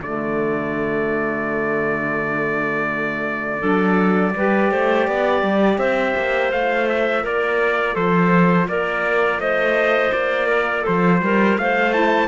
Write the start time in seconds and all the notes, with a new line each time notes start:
0.00 D3 A3 F#4 D5
3.60 F#3 D4 A4
4.36 G3 G4 B4
4.72 A3 C5
5.08 B3 D5
5.43 G3
5.78 C4 C5 E5
6.17 A#3
6.52 A3 F4 F5
6.89 E5
7.23 A#3 A#4 D5
7.94 F3 A4 C5
8.68 A#3 A#4 D5
9.39 A3 C5 D#5
10.13 A#3 D5
10.48 A#4
10.83 F3 A4 C5
11.22 G3 A#4
11.58 A3 C5 F5
11.91 E4 A5